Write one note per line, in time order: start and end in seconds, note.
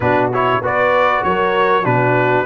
0.00 0.61 B2
0.00 0.32 D4
0.00 0.61 F#4
0.00 0.31 B4
0.33 0.62 E4
0.33 0.64 C#5
0.61 1.23 B3
0.61 1.83 F#4
0.61 1.23 B4
0.61 1.23 D5
1.23 1.85 F#3
1.23 1.84 A#4
1.23 1.85 C#5
1.83 2.46 B2
1.83 2.45 D4
1.83 2.46 F#4
1.83 2.46 B4